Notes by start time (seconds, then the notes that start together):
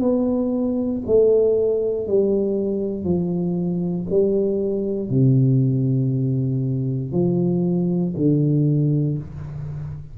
0.00 B3
1.06 A3
2.07 G3
3.04 F3
4.10 G3
5.09 C3
7.12 F3
8.16 D3